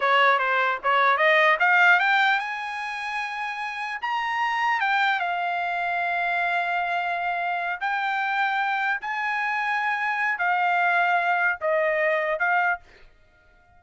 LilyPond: \new Staff \with { instrumentName = "trumpet" } { \time 4/4 \tempo 4 = 150 cis''4 c''4 cis''4 dis''4 | f''4 g''4 gis''2~ | gis''2 ais''2 | g''4 f''2.~ |
f''2.~ f''8 g''8~ | g''2~ g''8 gis''4.~ | gis''2 f''2~ | f''4 dis''2 f''4 | }